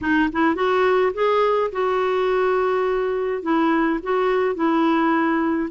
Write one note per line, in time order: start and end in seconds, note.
0.01 0.29 D#4
0.32 0.55 E4
0.55 1.12 F#4
1.13 1.70 G#4
1.71 3.42 F#4
3.42 3.99 E4
4.02 4.55 F#4
4.55 5.69 E4